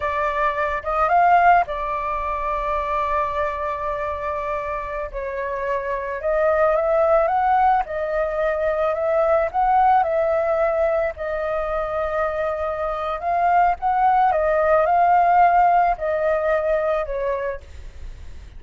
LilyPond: \new Staff \with { instrumentName = "flute" } { \time 4/4 \tempo 4 = 109 d''4. dis''8 f''4 d''4~ | d''1~ | d''4~ d''16 cis''2 dis''8.~ | dis''16 e''4 fis''4 dis''4.~ dis''16~ |
dis''16 e''4 fis''4 e''4.~ e''16~ | e''16 dis''2.~ dis''8. | f''4 fis''4 dis''4 f''4~ | f''4 dis''2 cis''4 | }